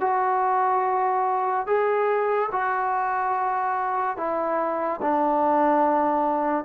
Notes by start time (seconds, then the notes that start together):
0.00 F#4
1.66 G#4
2.52 F#4
4.17 E4
5.01 D4